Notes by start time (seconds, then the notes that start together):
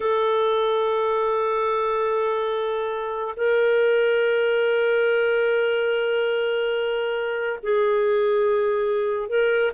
0.00 A4
3.36 A#4
7.62 G#4
9.28 A#4